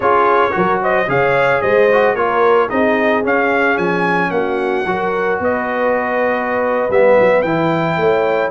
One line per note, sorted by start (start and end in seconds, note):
0.00 0.52 C#4
0.00 0.51 F4
0.00 0.53 G#4
0.00 0.81 C#5
0.51 1.07 F#3
0.51 1.05 F#4
0.51 0.81 A#4
0.81 1.08 C5
0.81 1.09 D#5
1.07 1.61 C#3
1.07 1.89 G#4
1.07 1.62 C#5
1.07 1.61 F5
1.61 2.15 G#3
1.61 2.14 C5
1.61 2.15 D#5
1.91 2.16 F#4
2.14 2.69 A#3
2.14 2.69 F4
2.14 2.67 A#4
2.14 2.69 C#5
2.67 3.24 C4
2.67 3.23 D#4
2.67 4.29 G#4
2.67 3.23 D#5
3.23 4.85 C#4
3.23 3.77 C#4
3.23 3.77 F5
3.77 4.30 F3
3.77 4.30 G#5
4.30 4.84 A#3
4.30 4.88 F#4
4.30 5.39 F#5
4.86 5.39 F#3
4.86 6.89 F#4
4.86 5.41 A#4
5.39 6.88 B3
5.39 7.97 B4
5.39 6.91 D#5
6.89 7.16 G3
6.89 7.45 B3
6.89 7.41 E5
7.20 7.43 F#3
7.41 7.97 E3
7.41 8.51 E4
7.41 8.50 G5
7.97 8.51 A3
7.97 8.51 C#5